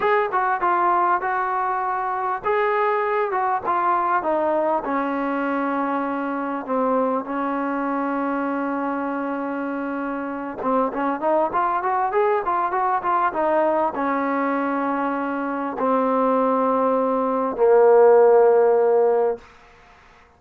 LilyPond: \new Staff \with { instrumentName = "trombone" } { \time 4/4 \tempo 4 = 99 gis'8 fis'8 f'4 fis'2 | gis'4. fis'8 f'4 dis'4 | cis'2. c'4 | cis'1~ |
cis'4. c'8 cis'8 dis'8 f'8 fis'8 | gis'8 f'8 fis'8 f'8 dis'4 cis'4~ | cis'2 c'2~ | c'4 ais2. | }